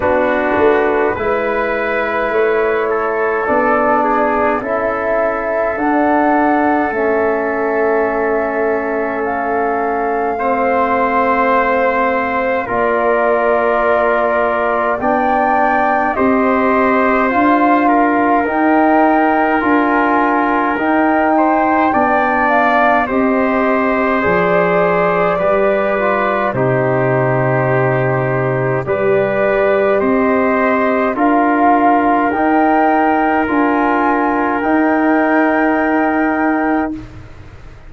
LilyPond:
<<
  \new Staff \with { instrumentName = "flute" } { \time 4/4 \tempo 4 = 52 b'2 cis''4 d''4 | e''4 fis''4 e''2 | f''2. d''4~ | d''4 g''4 dis''4 f''4 |
g''4 gis''4 g''4. f''8 | dis''4 d''2 c''4~ | c''4 d''4 dis''4 f''4 | g''4 gis''4 g''2 | }
  \new Staff \with { instrumentName = "trumpet" } { \time 4/4 fis'4 b'4. a'4 gis'8 | a'1~ | a'4 c''2 ais'4~ | ais'4 d''4 c''4. ais'8~ |
ais'2~ ais'8 c''8 d''4 | c''2 b'4 g'4~ | g'4 b'4 c''4 ais'4~ | ais'1 | }
  \new Staff \with { instrumentName = "trombone" } { \time 4/4 d'4 e'2 d'4 | e'4 d'4 cis'2~ | cis'4 c'2 f'4~ | f'4 d'4 g'4 f'4 |
dis'4 f'4 dis'4 d'4 | g'4 gis'4 g'8 f'8 dis'4~ | dis'4 g'2 f'4 | dis'4 f'4 dis'2 | }
  \new Staff \with { instrumentName = "tuba" } { \time 4/4 b8 a8 gis4 a4 b4 | cis'4 d'4 a2~ | a2. ais4~ | ais4 b4 c'4 d'4 |
dis'4 d'4 dis'4 b4 | c'4 f4 g4 c4~ | c4 g4 c'4 d'4 | dis'4 d'4 dis'2 | }
>>